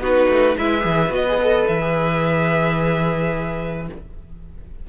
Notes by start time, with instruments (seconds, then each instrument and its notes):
0.00 cello B3, viola D#4, violin F#4 B4
0.29 cello A3
0.58 cello G#3, viola E4, violin B4 E5
0.81 cello E3, viola G#4
1.10 cello B3, viola F#4, violin D#5
1.28 viola G#4
1.40 viola A4
1.68 cello E3, violin E5
1.81 viola G#4